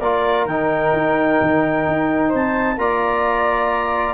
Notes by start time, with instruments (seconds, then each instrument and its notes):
0.00 tuba A#3, trombone F4, flute A#4, clarinet D5
0.46 tuba D#3, trombone D#4, clarinet G5
0.93 tuba D#4
1.41 tuba D#3
1.87 tuba D#4
2.29 tuba C4, flute C5
2.36 clarinet A5
2.78 tuba A#3, trombone F4, flute D5, clarinet A#5